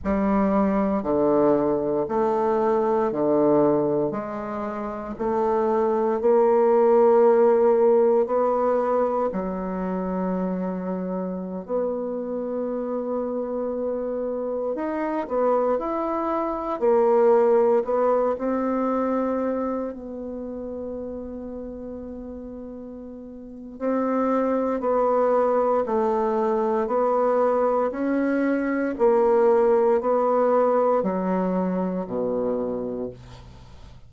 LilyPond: \new Staff \with { instrumentName = "bassoon" } { \time 4/4 \tempo 4 = 58 g4 d4 a4 d4 | gis4 a4 ais2 | b4 fis2~ fis16 b8.~ | b2~ b16 dis'8 b8 e'8.~ |
e'16 ais4 b8 c'4. b8.~ | b2. c'4 | b4 a4 b4 cis'4 | ais4 b4 fis4 b,4 | }